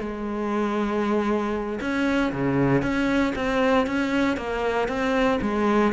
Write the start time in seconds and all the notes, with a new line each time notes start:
0.00 G#3
1.81 C#4
2.33 C#3
2.83 C#4
3.35 C4
3.87 C#4
4.37 A#3
4.89 C4
5.42 G#3